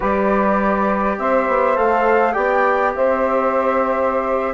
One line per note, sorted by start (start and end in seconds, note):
0.00 1.18 G3
0.00 1.75 G4
0.00 1.17 B4
0.00 1.18 D5
1.18 1.47 C4
1.18 2.33 C5
1.18 1.77 E5
1.48 1.77 B3
1.75 2.35 A3
1.75 2.33 A4
1.75 2.32 F5
2.32 2.94 B3
2.32 4.53 G4
2.32 2.92 D5
2.32 2.91 G5
2.95 4.53 C4
2.95 4.53 C5
2.95 4.53 E5